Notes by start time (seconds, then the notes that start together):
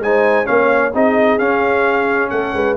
0.00 G#3 D#4 C5 G#5
0.45 A#3 C#4 C#5 F5
0.94 C4 D#4 G#4 D#5
1.39 C#4 F5
2.30 A3 A4 F#5
2.54 G#3 B4